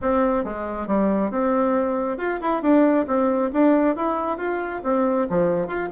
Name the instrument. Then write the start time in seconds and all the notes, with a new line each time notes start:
bassoon
0.01 C4
0.44 G#3
0.87 G3
1.31 C4
2.17 F4
2.41 E4
2.62 D4
3.07 C4
3.52 D4
3.96 E4
4.37 F4
4.83 C4
5.29 F3
5.67 F4